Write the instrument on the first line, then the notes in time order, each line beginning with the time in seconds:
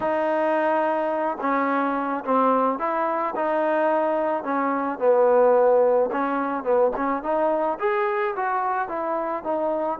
trombone
0.00 D#4
1.40 C#4
2.24 C4
2.79 E4
3.35 D#4
4.43 C#4
4.98 B3
6.11 C#4
6.63 B3
6.96 C#4
7.22 D#4
7.79 G#4
8.36 F#4
8.88 E4
9.43 D#4